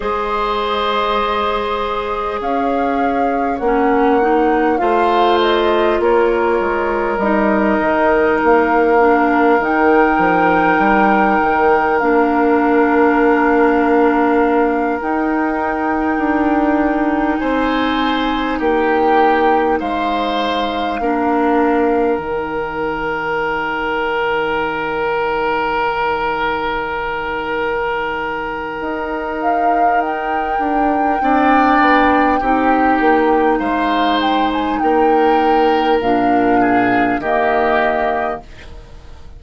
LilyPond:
<<
  \new Staff \with { instrumentName = "flute" } { \time 4/4 \tempo 4 = 50 dis''2 f''4 fis''4 | f''8 dis''8 cis''4 dis''4 f''4 | g''2 f''2~ | f''8 g''2 gis''4 g''8~ |
g''8 f''2 g''4.~ | g''1~ | g''8 f''8 g''2. | f''8 g''16 gis''16 g''4 f''4 dis''4 | }
  \new Staff \with { instrumentName = "oboe" } { \time 4/4 c''2 cis''2 | c''4 ais'2.~ | ais'1~ | ais'2~ ais'8 c''4 g'8~ |
g'8 c''4 ais'2~ ais'8~ | ais'1~ | ais'2 d''4 g'4 | c''4 ais'4. gis'8 g'4 | }
  \new Staff \with { instrumentName = "clarinet" } { \time 4/4 gis'2. cis'8 dis'8 | f'2 dis'4. d'8 | dis'2 d'2~ | d'8 dis'2.~ dis'8~ |
dis'4. d'4 dis'4.~ | dis'1~ | dis'2 d'4 dis'4~ | dis'2 d'4 ais4 | }
  \new Staff \with { instrumentName = "bassoon" } { \time 4/4 gis2 cis'4 ais4 | a4 ais8 gis8 g8 dis8 ais4 | dis8 f8 g8 dis8 ais2~ | ais8 dis'4 d'4 c'4 ais8~ |
ais8 gis4 ais4 dis4.~ | dis1 | dis'4. d'8 c'8 b8 c'8 ais8 | gis4 ais4 ais,4 dis4 | }
>>